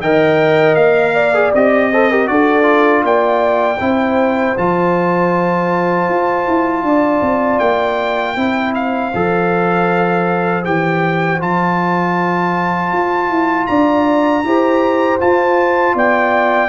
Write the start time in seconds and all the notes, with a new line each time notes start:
0.00 D#3 A#4 D#5 G5
0.75 A#3 F5
1.14 D5
1.33 G#4
1.54 C4 G4 D#5
1.91 A4 C5
2.09 G4 A#4
2.27 D4 F#4 A4 D5
2.62 F4
3.03 A#3 D5 G5
3.79 C4 E4 C5
4.57 F3 F4 A5
6.08 F4
6.47 E4
6.83 D4 D5
7.21 C4
7.59 A#3 G5
8.36 C4 E4 C5
8.74 F5
9.14 F3 A4
10.64 E3 G4 G5
11.40 F3 F4 A5
12.92 F4
13.29 E4
13.66 D4 D5 A#5
14.44 E4 G4 C5
15.19 F4 A5
15.94 B3 D5 G5